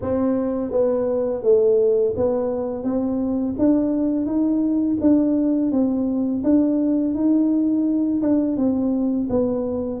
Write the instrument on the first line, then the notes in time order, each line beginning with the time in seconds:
tuba
0.01 C4
0.71 B3
1.43 A3
2.16 B3
2.83 C4
3.58 D4
4.25 D#4
5.00 D4
5.71 C4
6.43 D4
7.14 D#4
8.21 D4
8.56 C4
9.29 B3